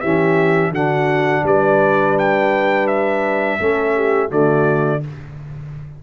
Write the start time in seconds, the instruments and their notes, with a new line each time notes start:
0.00 tuba E3, trombone C#4, horn G4, trumpet E5
0.70 tuba D3, trombone D4, horn F#4, trumpet F#5
1.43 tuba G3, horn B4, trumpet D5
2.18 trumpet G5
2.87 trumpet E5
3.59 tuba A3, trombone C#4, horn A4
3.96 horn G4
4.28 tuba D3, trombone A3, horn F#4, trumpet D5